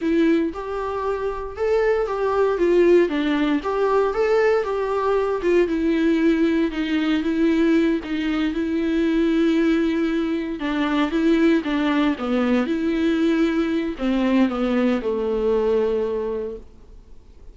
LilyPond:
\new Staff \with { instrumentName = "viola" } { \time 4/4 \tempo 4 = 116 e'4 g'2 a'4 | g'4 f'4 d'4 g'4 | a'4 g'4. f'8 e'4~ | e'4 dis'4 e'4. dis'8~ |
dis'8 e'2.~ e'8~ | e'8 d'4 e'4 d'4 b8~ | b8 e'2~ e'8 c'4 | b4 a2. | }